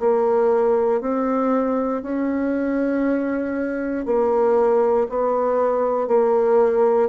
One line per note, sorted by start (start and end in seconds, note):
0.00 1.01 A#3
1.01 2.02 C4
2.02 4.06 C#4
4.06 5.08 A#3
5.09 6.08 B3
6.08 7.09 A#3